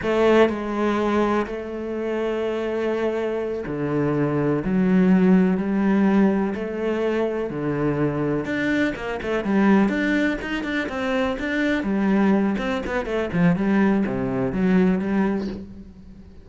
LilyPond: \new Staff \with { instrumentName = "cello" } { \time 4/4 \tempo 4 = 124 a4 gis2 a4~ | a2.~ a8 d8~ | d4. fis2 g8~ | g4. a2 d8~ |
d4. d'4 ais8 a8 g8~ | g8 d'4 dis'8 d'8 c'4 d'8~ | d'8 g4. c'8 b8 a8 f8 | g4 c4 fis4 g4 | }